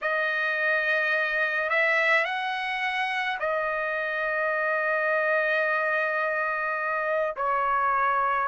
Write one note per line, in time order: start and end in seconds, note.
0.01 1.69 D#5
1.69 2.24 E5
2.24 3.38 F#5
3.39 7.35 D#5
7.36 8.48 C#5